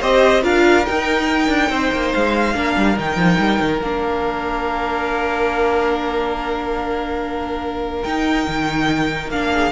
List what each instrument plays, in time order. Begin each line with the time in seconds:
0.00 cello C4, viola G4, violin C5 D#5
0.42 cello D4, viola F4, violin A#4 F5
0.85 viola D#4, cello D#4, violin G5
1.48 cello D4
1.69 cello C4, violin C5
1.92 cello A#3
2.13 cello G#3, violin F5
2.54 cello A#3, viola D4, violin A#4
2.76 cello G3
2.96 cello D#3, viola D#4, violin G5
3.16 cello F3
3.38 cello G3
3.61 cello D#3
3.81 cello A#3, viola D4, violin F5
8.03 cello D#4, viola D#4, violin G5
8.48 cello D#3
9.29 cello A#3, viola D4, violin F5
9.51 violin G#4